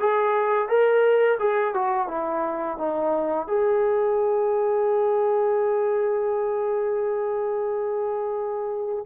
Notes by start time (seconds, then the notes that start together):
0.00 G#4
0.68 A#4
1.39 G#4
1.74 F#4
2.08 E4
2.78 D#4
3.48 G#4